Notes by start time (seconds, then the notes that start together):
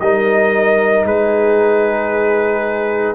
0.00 G3 D#4 A#4 D#5
1.05 G#3 G#4 B4